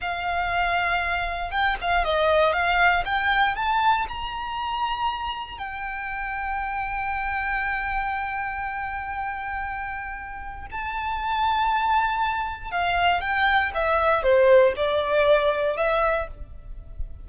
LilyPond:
\new Staff \with { instrumentName = "violin" } { \time 4/4 \tempo 4 = 118 f''2. g''8 f''8 | dis''4 f''4 g''4 a''4 | ais''2. g''4~ | g''1~ |
g''1~ | g''4 a''2.~ | a''4 f''4 g''4 e''4 | c''4 d''2 e''4 | }